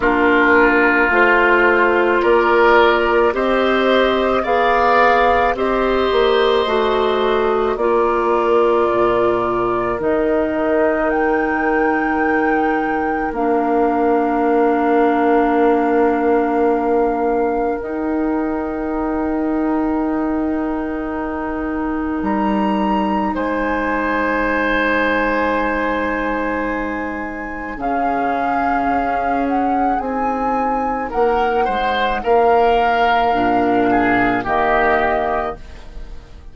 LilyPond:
<<
  \new Staff \with { instrumentName = "flute" } { \time 4/4 \tempo 4 = 54 ais'4 c''4 d''4 dis''4 | f''4 dis''2 d''4~ | d''4 dis''4 g''2 | f''1 |
g''1 | ais''4 gis''2.~ | gis''4 f''4. fis''8 gis''4 | fis''4 f''2 dis''4 | }
  \new Staff \with { instrumentName = "oboe" } { \time 4/4 f'2 ais'4 c''4 | d''4 c''2 ais'4~ | ais'1~ | ais'1~ |
ais'1~ | ais'4 c''2.~ | c''4 gis'2. | ais'8 c''8 ais'4. gis'8 g'4 | }
  \new Staff \with { instrumentName = "clarinet" } { \time 4/4 d'4 f'2 g'4 | gis'4 g'4 fis'4 f'4~ | f'4 dis'2. | d'1 |
dis'1~ | dis'1~ | dis'4 cis'2 dis'4~ | dis'2 d'4 ais4 | }
  \new Staff \with { instrumentName = "bassoon" } { \time 4/4 ais4 a4 ais4 c'4 | b4 c'8 ais8 a4 ais4 | ais,4 dis2. | ais1 |
dis'1 | g4 gis2.~ | gis4 cis4 cis'4 c'4 | ais8 gis8 ais4 ais,4 dis4 | }
>>